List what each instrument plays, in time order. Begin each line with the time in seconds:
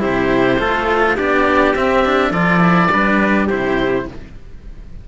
0.00 cello C3 E4, trumpet G4, oboe C5
0.60 cello A3 F4, trumpet A4
1.17 cello B3 D4, trumpet G4, oboe D5
1.75 cello C4, oboe E5
2.05 cello D4
2.31 cello F3 F4, trumpet A4, oboe D5
2.61 cello E4
2.92 cello G3 D4, trumpet B4
3.48 cello C3 E4, trumpet G4, oboe C5